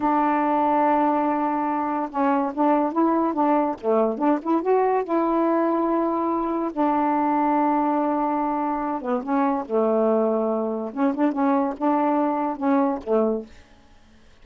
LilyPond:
\new Staff \with { instrumentName = "saxophone" } { \time 4/4 \tempo 4 = 143 d'1~ | d'4 cis'4 d'4 e'4 | d'4 a4 d'8 e'8 fis'4 | e'1 |
d'1~ | d'4. b8 cis'4 a4~ | a2 cis'8 d'8 cis'4 | d'2 cis'4 a4 | }